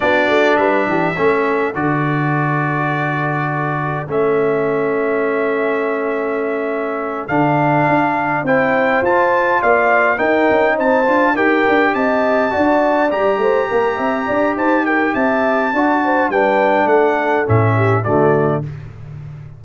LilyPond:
<<
  \new Staff \with { instrumentName = "trumpet" } { \time 4/4 \tempo 4 = 103 d''4 e''2 d''4~ | d''2. e''4~ | e''1~ | e''8 f''2 g''4 a''8~ |
a''8 f''4 g''4 a''4 g''8~ | g''8 a''2 ais''4.~ | ais''4 a''8 g''8 a''2 | g''4 fis''4 e''4 d''4 | }
  \new Staff \with { instrumentName = "horn" } { \time 4/4 fis'4 b'8 g'8 a'2~ | a'1~ | a'1~ | a'2~ a'8 c''4.~ |
c''8 d''4 ais'4 c''4 ais'8~ | ais'8 dis''4 d''4. c''8 ais'8 | e''8 d''8 c''8 ais'8 e''4 d''8 c''8 | b'4 a'4. g'8 fis'4 | }
  \new Staff \with { instrumentName = "trombone" } { \time 4/4 d'2 cis'4 fis'4~ | fis'2. cis'4~ | cis'1~ | cis'8 d'2 e'4 f'8~ |
f'4. dis'4. f'8 g'8~ | g'4. fis'4 g'4.~ | g'2. fis'4 | d'2 cis'4 a4 | }
  \new Staff \with { instrumentName = "tuba" } { \time 4/4 b8 a8 g8 e8 a4 d4~ | d2. a4~ | a1~ | a8 d4 d'4 c'4 f'8~ |
f'8 ais4 dis'8 cis'8 c'8 d'8 dis'8 | d'8 c'4 d'4 g8 a8 ais8 | c'8 d'8 dis'4 c'4 d'4 | g4 a4 a,4 d4 | }
>>